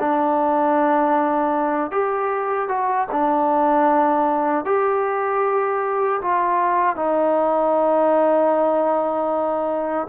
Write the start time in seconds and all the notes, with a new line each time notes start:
0.00 D4
1.91 G4
2.69 F#4
3.12 D4
4.65 G4
6.22 F4
6.96 D#4